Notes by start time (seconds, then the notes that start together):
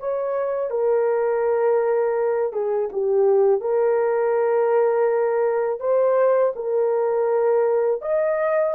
0.00 C#5
0.71 A#4
2.53 G#4
2.93 G4
3.61 A#4
5.80 C5
6.56 A#4
8.02 D#5